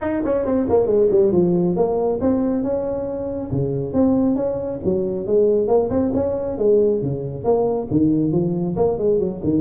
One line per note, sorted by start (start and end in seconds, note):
0.01 0.23 D#4
0.24 0.45 C#4
0.45 0.67 C4
0.69 0.86 A#3
0.86 1.08 G#3
1.11 1.32 G3
1.32 1.75 F3
1.76 2.20 A#3
2.20 2.63 C4
2.63 3.50 C#4
3.51 3.93 C#3
3.93 4.35 C4
4.35 4.79 C#4
4.84 5.26 F#3
5.26 5.67 G#3
5.67 5.89 A#3
5.90 6.12 C4
6.14 6.58 C#4
6.58 7.02 G#3
7.02 7.44 C#3
7.44 7.87 A#3
7.91 8.32 D#3
8.32 8.76 F3
8.76 8.98 A#3
8.98 9.19 G#3
9.19 9.41 F#3
9.43 9.61 D#3